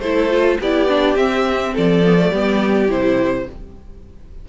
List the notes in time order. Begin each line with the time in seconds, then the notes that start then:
0.00 A3 E4 A4 C5
0.31 F4
0.60 B3 E4 G4 D5
0.88 D4
1.16 C4 E5
1.73 F3 A4 D5
2.05 B3
2.19 A3
2.30 G3 B3 G4
2.88 C3 E4 C5